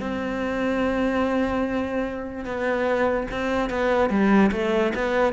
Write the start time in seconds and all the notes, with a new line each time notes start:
0.00 C4
2.45 B3
3.31 C4
3.70 B3
4.10 G3
4.52 A3
4.95 B3